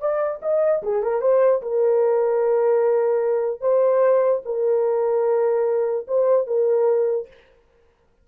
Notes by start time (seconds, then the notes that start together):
0.00 D5
0.42 D#5
0.83 G#4
1.03 A#4
1.21 C5
1.62 A#4
3.61 C5
4.45 A#4
6.08 C5
6.47 A#4